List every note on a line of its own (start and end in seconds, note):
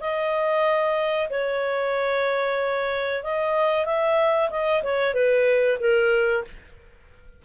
0.00 1.29 D#5
1.29 3.23 C#5
3.23 3.85 D#5
3.85 4.50 E5
4.50 4.82 D#5
4.83 5.13 C#5
5.13 5.78 B4
5.79 6.44 A#4